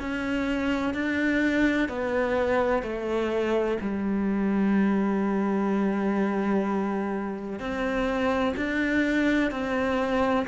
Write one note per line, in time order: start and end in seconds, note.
0.00 0.94 C#4
0.94 1.89 D4
1.89 2.83 B3
2.83 3.78 A3
3.81 7.60 G3
7.60 8.55 C4
8.57 9.52 D4
9.52 10.47 C4